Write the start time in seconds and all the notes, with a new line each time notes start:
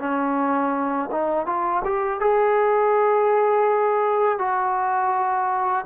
0.00 C#4
1.12 D#4
1.46 F4
1.85 G4
2.21 G#4
4.39 F#4